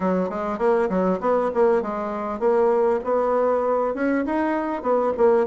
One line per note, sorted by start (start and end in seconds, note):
0.00 0.29 F#3
0.29 0.58 G#3
0.58 0.88 A#3
0.89 1.19 F#3
1.20 1.50 B3
1.54 1.82 A#3
1.82 2.39 G#3
2.39 3.00 A#3
3.03 3.94 B3
3.94 4.24 C#4
4.25 4.82 D#4
4.82 5.12 B3
5.17 5.46 A#3